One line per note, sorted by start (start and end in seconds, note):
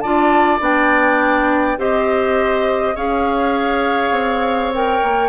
0.00 0.60 D4
0.00 0.60 F4
0.00 1.79 D5
0.00 0.59 A5
0.60 1.77 B3
0.60 1.77 D4
0.60 1.80 G5
1.77 2.95 C4
1.77 2.95 G4
1.77 2.95 C5
1.77 2.96 D#5
2.95 4.11 C#4
2.95 4.72 G#4
2.95 5.29 C#5
2.95 4.73 F5
4.11 4.99 C4
4.74 5.29 A#4
4.74 5.29 G5
5.03 5.29 A#3